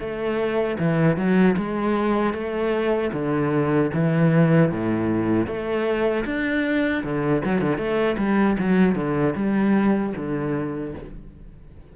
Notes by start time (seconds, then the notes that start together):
0.00 A3
0.79 E3
1.17 F#3
1.57 G#3
2.33 A3
3.13 D3
3.94 E3
4.72 A2
5.47 A3
6.26 D4
7.03 D3
7.45 F#3
7.62 D3
7.78 A3
8.18 G3
8.59 F#3
8.95 D3
9.36 G3
10.17 D3